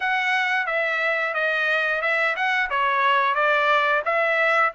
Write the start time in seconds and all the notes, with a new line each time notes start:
0.00 F#5
0.66 E5
1.34 D#5
2.01 E5
2.36 F#5
2.70 C#5
3.35 D5
4.04 E5